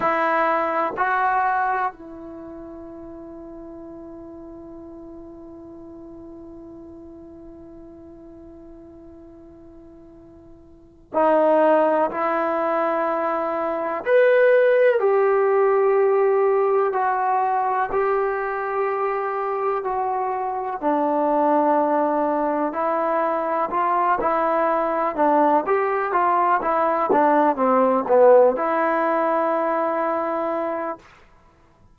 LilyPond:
\new Staff \with { instrumentName = "trombone" } { \time 4/4 \tempo 4 = 62 e'4 fis'4 e'2~ | e'1~ | e'2.~ e'8 dis'8~ | dis'8 e'2 b'4 g'8~ |
g'4. fis'4 g'4.~ | g'8 fis'4 d'2 e'8~ | e'8 f'8 e'4 d'8 g'8 f'8 e'8 | d'8 c'8 b8 e'2~ e'8 | }